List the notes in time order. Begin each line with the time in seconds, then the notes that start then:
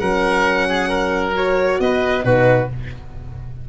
0.00 F#3 C#4 A#4 F#5
0.69 G#4
0.89 A#4
1.35 F#4 C#5
1.80 B3 B4 D#5
2.24 B2 D#4 F#4 B4